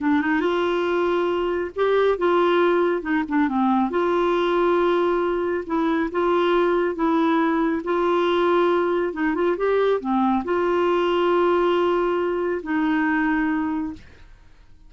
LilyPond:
\new Staff \with { instrumentName = "clarinet" } { \time 4/4 \tempo 4 = 138 d'8 dis'8 f'2. | g'4 f'2 dis'8 d'8 | c'4 f'2.~ | f'4 e'4 f'2 |
e'2 f'2~ | f'4 dis'8 f'8 g'4 c'4 | f'1~ | f'4 dis'2. | }